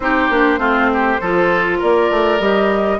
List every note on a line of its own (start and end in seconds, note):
0.00 0.29 C4
0.00 0.31 D#4
0.00 0.59 G4
0.00 1.79 C5
0.29 0.58 A#3
0.29 0.58 D4
0.58 1.18 A3
0.58 1.18 C4
0.58 0.89 F4
0.93 1.21 G4
1.21 1.81 F3
1.21 2.40 F4
1.21 1.78 A4
1.78 2.10 A#3
1.78 2.98 A#4
1.78 2.40 D5
2.10 2.39 A3
2.39 2.99 G3
2.39 3.00 G4
2.39 3.00 D#5